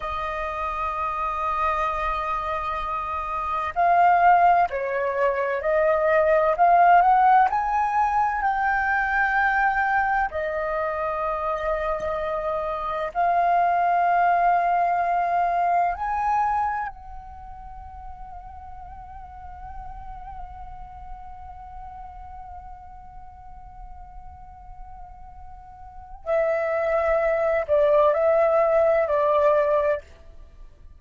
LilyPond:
\new Staff \with { instrumentName = "flute" } { \time 4/4 \tempo 4 = 64 dis''1 | f''4 cis''4 dis''4 f''8 fis''8 | gis''4 g''2 dis''4~ | dis''2 f''2~ |
f''4 gis''4 fis''2~ | fis''1~ | fis''1 | e''4. d''8 e''4 d''4 | }